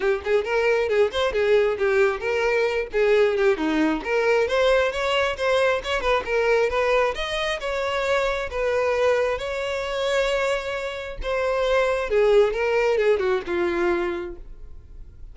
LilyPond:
\new Staff \with { instrumentName = "violin" } { \time 4/4 \tempo 4 = 134 g'8 gis'8 ais'4 gis'8 c''8 gis'4 | g'4 ais'4. gis'4 g'8 | dis'4 ais'4 c''4 cis''4 | c''4 cis''8 b'8 ais'4 b'4 |
dis''4 cis''2 b'4~ | b'4 cis''2.~ | cis''4 c''2 gis'4 | ais'4 gis'8 fis'8 f'2 | }